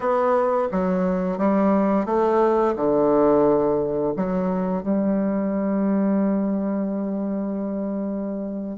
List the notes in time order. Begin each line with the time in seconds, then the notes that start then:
0.00 B3
0.71 F#3
1.38 G3
2.05 A3
2.76 D3
4.16 F#3
4.82 G3